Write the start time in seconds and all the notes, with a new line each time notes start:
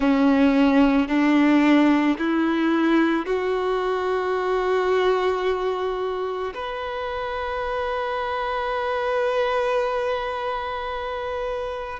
0.00 C#4
1.08 D4
2.18 E4
3.25 F#4
6.54 B4